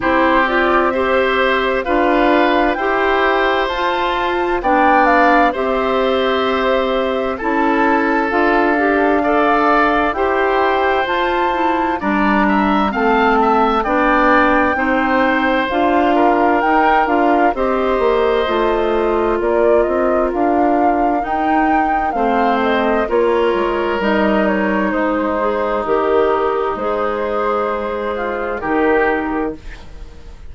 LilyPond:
<<
  \new Staff \with { instrumentName = "flute" } { \time 4/4 \tempo 4 = 65 c''8 d''8 e''4 f''4 g''4 | a''4 g''8 f''8 e''2 | a''4 f''2 g''4 | a''4 ais''4 a''4 g''4~ |
g''4 f''4 g''8 f''8 dis''4~ | dis''4 d''8 dis''8 f''4 g''4 | f''8 dis''8 cis''4 dis''8 cis''8 c''4 | ais'4 c''2 ais'4 | }
  \new Staff \with { instrumentName = "oboe" } { \time 4/4 g'4 c''4 b'4 c''4~ | c''4 d''4 c''2 | a'2 d''4 c''4~ | c''4 d''8 e''8 f''8 e''8 d''4 |
c''4. ais'4. c''4~ | c''4 ais'2. | c''4 ais'2 dis'4~ | dis'2~ dis'8 f'8 g'4 | }
  \new Staff \with { instrumentName = "clarinet" } { \time 4/4 e'8 f'8 g'4 f'4 g'4 | f'4 d'4 g'2 | e'4 f'8 g'8 a'4 g'4 | f'8 e'8 d'4 c'4 d'4 |
dis'4 f'4 dis'8 f'8 g'4 | f'2. dis'4 | c'4 f'4 dis'4. gis'8 | g'4 gis'2 dis'4 | }
  \new Staff \with { instrumentName = "bassoon" } { \time 4/4 c'2 d'4 e'4 | f'4 b4 c'2 | cis'4 d'2 e'4 | f'4 g4 a4 b4 |
c'4 d'4 dis'8 d'8 c'8 ais8 | a4 ais8 c'8 d'4 dis'4 | a4 ais8 gis8 g4 gis4 | dis4 gis2 dis4 | }
>>